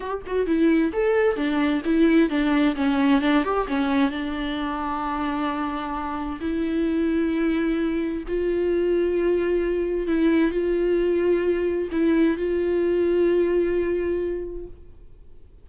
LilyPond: \new Staff \with { instrumentName = "viola" } { \time 4/4 \tempo 4 = 131 g'8 fis'8 e'4 a'4 d'4 | e'4 d'4 cis'4 d'8 g'8 | cis'4 d'2.~ | d'2 e'2~ |
e'2 f'2~ | f'2 e'4 f'4~ | f'2 e'4 f'4~ | f'1 | }